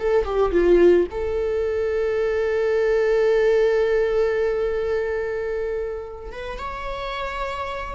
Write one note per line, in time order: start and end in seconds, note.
0.00 0.26 A4
0.26 0.52 G4
0.52 1.07 F4
1.11 6.33 A4
6.33 6.59 B4
6.59 7.95 C#5